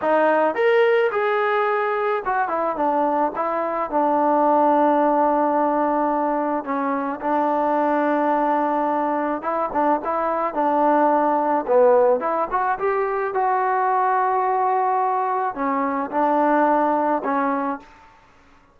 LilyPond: \new Staff \with { instrumentName = "trombone" } { \time 4/4 \tempo 4 = 108 dis'4 ais'4 gis'2 | fis'8 e'8 d'4 e'4 d'4~ | d'1 | cis'4 d'2.~ |
d'4 e'8 d'8 e'4 d'4~ | d'4 b4 e'8 fis'8 g'4 | fis'1 | cis'4 d'2 cis'4 | }